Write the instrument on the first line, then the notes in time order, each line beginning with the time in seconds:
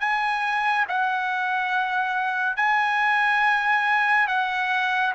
trumpet
0.00 G#5
0.88 F#5
2.56 G#5
4.28 F#5